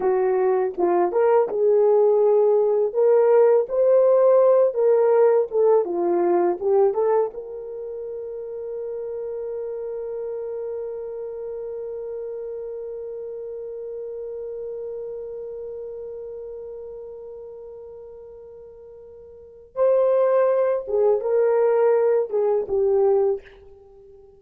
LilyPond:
\new Staff \with { instrumentName = "horn" } { \time 4/4 \tempo 4 = 82 fis'4 f'8 ais'8 gis'2 | ais'4 c''4. ais'4 a'8 | f'4 g'8 a'8 ais'2~ | ais'1~ |
ais'1~ | ais'1~ | ais'2. c''4~ | c''8 gis'8 ais'4. gis'8 g'4 | }